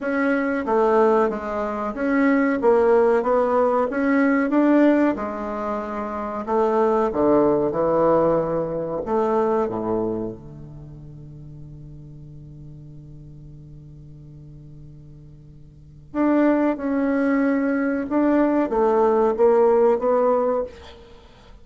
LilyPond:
\new Staff \with { instrumentName = "bassoon" } { \time 4/4 \tempo 4 = 93 cis'4 a4 gis4 cis'4 | ais4 b4 cis'4 d'4 | gis2 a4 d4 | e2 a4 a,4 |
d1~ | d1~ | d4 d'4 cis'2 | d'4 a4 ais4 b4 | }